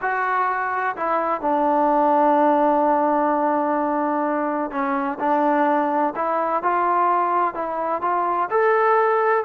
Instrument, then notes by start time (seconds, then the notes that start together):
trombone
0.01 F#4
0.96 E4
1.41 D4
4.71 C#4
5.19 D4
6.15 E4
6.62 F4
7.54 E4
8.01 F4
8.50 A4